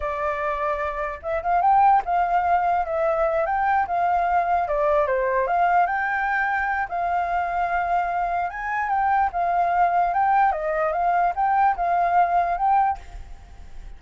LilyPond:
\new Staff \with { instrumentName = "flute" } { \time 4/4 \tempo 4 = 148 d''2. e''8 f''8 | g''4 f''2 e''4~ | e''8 g''4 f''2 d''8~ | d''8 c''4 f''4 g''4.~ |
g''4 f''2.~ | f''4 gis''4 g''4 f''4~ | f''4 g''4 dis''4 f''4 | g''4 f''2 g''4 | }